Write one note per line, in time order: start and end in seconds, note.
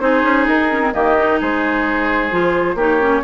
0.00 0.23 C4
0.00 0.69 D#4
0.00 0.94 G#4
0.00 0.46 C5
0.23 0.46 C#4
0.47 0.93 D#4
0.47 0.93 A#4
0.70 0.81 C#4
0.81 0.93 C4
0.93 1.40 D#3
0.93 1.16 A#3
0.93 1.40 G4
0.93 1.39 D#5
1.18 2.31 D#4
1.40 2.32 G#3
1.40 2.76 G#4
1.40 2.79 C5
2.31 2.75 F3
2.31 2.77 F4
2.75 3.21 A#3
2.75 3.00 D#4
2.75 3.22 G4
2.75 3.24 C#5
3.00 3.23 C#4